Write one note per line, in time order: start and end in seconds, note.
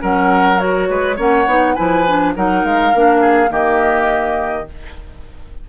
0.00 0.90 F#3
0.00 0.57 C#4
0.00 0.89 A#4
0.00 0.60 F#5
0.57 1.16 F#4
0.57 1.18 C#5
0.90 1.19 G#3
0.90 1.16 B4
1.16 1.47 A#3
1.16 1.46 C#4
1.16 1.75 C#5
1.16 1.75 F#5
1.47 1.76 B3
1.47 1.77 D#4
1.75 2.37 F3
1.75 2.06 E4
1.75 2.34 B4
1.75 2.33 G#5
2.08 2.36 D4
2.36 2.64 F#3
2.36 2.94 D#4
2.36 3.21 A#4
2.36 2.65 F#5
2.64 2.93 G#3
2.64 3.52 F5
2.95 3.50 A#3
2.95 3.49 D4
3.21 3.50 G#4
3.49 4.67 D#3
3.49 4.66 A#3
3.49 4.68 G4
3.49 4.69 D#5